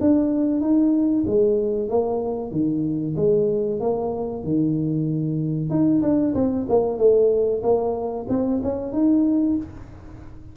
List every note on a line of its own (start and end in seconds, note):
0.00 0.60 D4
0.60 1.24 D#4
1.26 1.89 G#3
1.89 2.51 A#3
2.51 3.15 D#3
3.16 3.79 G#3
3.80 4.43 A#3
4.43 5.70 D#3
5.70 6.01 D#4
6.02 6.34 D4
6.34 6.66 C4
6.68 6.98 A#3
6.98 7.62 A3
7.62 8.26 A#3
8.29 8.61 C4
8.62 8.92 C#4
8.92 9.56 D#4